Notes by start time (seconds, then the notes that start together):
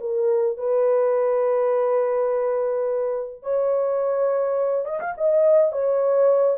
0.00 A#4
0.57 B4
3.42 C#5
4.85 D#5
5.00 F5
5.17 D#5
5.72 C#5